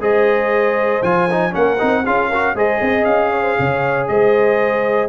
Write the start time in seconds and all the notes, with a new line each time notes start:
0.00 G#3 G#4 C5 D#5
1.03 F3 F4 G#5
1.31 D#4
1.51 A#3 C#4 A#4 F#5
1.79 C4 D#4
2.05 C#4 F4 G#4 F5
2.29 F#4 A#4
2.55 G#3 G#4 C5 D#5
2.81 C4 D#5
3.05 C#4 F5
3.31 C#5
3.42 C5
3.59 C#3 C#5
4.08 G#3 C5 D#5